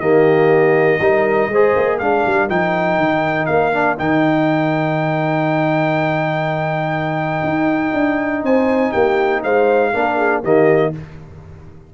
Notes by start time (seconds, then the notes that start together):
0.00 D#3 A#3 G4 D#5
1.01 G3 D#4 A#4
1.48 G#3 C5
1.54 G#4
1.76 A#3
1.97 G#3 D4 A#4 F5
2.26 G3
2.49 F3 D#4 G5
2.98 D#3
3.46 A#3 F5
3.73 D4
3.99 D#3 D#4 G5
7.43 D#4
7.94 D4
8.43 C4 C5 G#5
8.92 A#3 G4 G5
9.43 G#3 C5 F5
9.94 A#3 D4 A#4
10.18 G#4
10.43 D#3 A#3 G4 D#5